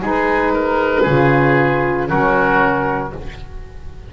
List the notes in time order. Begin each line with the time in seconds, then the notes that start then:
0.00 G#3 D#4 G#4
0.06 B4
0.53 A#4
1.02 C#3 F4 G#4
2.08 F#3 C#4 F#4 A#4